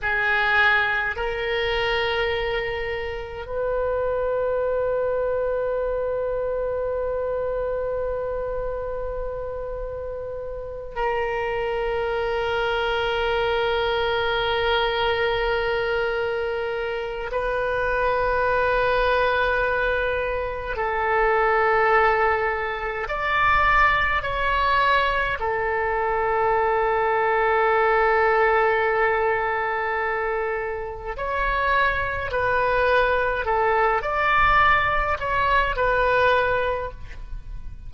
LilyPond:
\new Staff \with { instrumentName = "oboe" } { \time 4/4 \tempo 4 = 52 gis'4 ais'2 b'4~ | b'1~ | b'4. ais'2~ ais'8~ | ais'2. b'4~ |
b'2 a'2 | d''4 cis''4 a'2~ | a'2. cis''4 | b'4 a'8 d''4 cis''8 b'4 | }